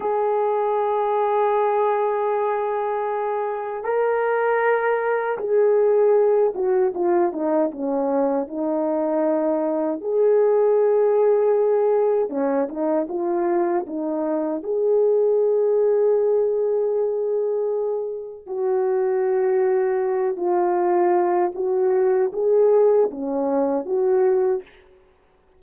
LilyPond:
\new Staff \with { instrumentName = "horn" } { \time 4/4 \tempo 4 = 78 gis'1~ | gis'4 ais'2 gis'4~ | gis'8 fis'8 f'8 dis'8 cis'4 dis'4~ | dis'4 gis'2. |
cis'8 dis'8 f'4 dis'4 gis'4~ | gis'1 | fis'2~ fis'8 f'4. | fis'4 gis'4 cis'4 fis'4 | }